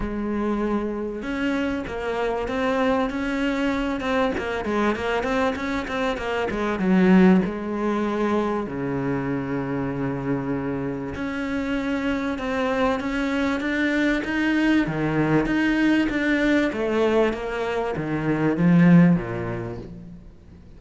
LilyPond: \new Staff \with { instrumentName = "cello" } { \time 4/4 \tempo 4 = 97 gis2 cis'4 ais4 | c'4 cis'4. c'8 ais8 gis8 | ais8 c'8 cis'8 c'8 ais8 gis8 fis4 | gis2 cis2~ |
cis2 cis'2 | c'4 cis'4 d'4 dis'4 | dis4 dis'4 d'4 a4 | ais4 dis4 f4 ais,4 | }